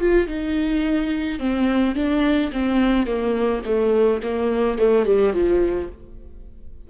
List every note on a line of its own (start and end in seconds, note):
0.00 0.27 F4
0.27 1.39 D#4
1.39 1.95 C4
1.95 2.51 D4
2.52 3.06 C4
3.06 3.62 A#3
3.65 4.21 A3
4.23 4.78 A#3
4.78 5.05 A3
5.05 5.33 G3
5.33 5.89 F3